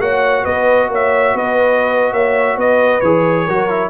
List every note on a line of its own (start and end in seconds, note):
0.00 0.45 A#3
0.00 3.03 F#4
0.00 0.43 C#5
0.00 0.45 F#5
0.43 0.89 B3
0.43 0.88 B4
0.43 0.90 D#5
0.89 1.34 A#3
0.89 1.35 C#5
0.89 1.37 E5
1.34 2.12 B3
1.34 2.12 B4
1.34 2.13 D#5
2.12 2.57 A#3
2.12 2.56 C#5
2.12 2.58 E5
2.56 3.01 B3
2.56 3.45 B4
2.56 3.00 D#5
3.00 3.47 E3
3.00 3.49 G#4
3.00 3.90 C#5
3.45 3.90 F#3
3.45 3.69 F#4
3.45 3.90 A#4
3.69 3.90 E4